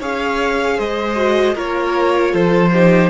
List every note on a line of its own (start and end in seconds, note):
0.00 0.79 C#4
0.00 1.16 G#4
0.00 0.77 C#5
0.00 0.79 F5
0.77 1.56 G#3
0.77 1.55 C5
0.77 1.57 D#5
1.16 1.55 F#4
1.55 2.34 A#3
1.55 2.72 F4
1.55 2.31 A#4
1.55 2.34 C#5
2.31 3.10 F3
2.31 2.70 A4
2.31 3.10 C5
2.73 3.10 D#4
2.73 3.10 G4